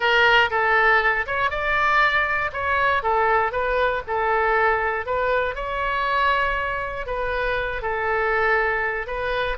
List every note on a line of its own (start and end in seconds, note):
0.00 0.50 A#4
0.50 1.26 A4
1.26 1.50 C#5
1.50 2.51 D5
2.53 3.02 C#5
3.02 3.52 A4
3.52 4.02 B4
4.07 5.06 A4
5.06 5.55 B4
5.55 7.06 C#5
7.06 7.82 B4
7.82 9.06 A4
9.06 9.57 B4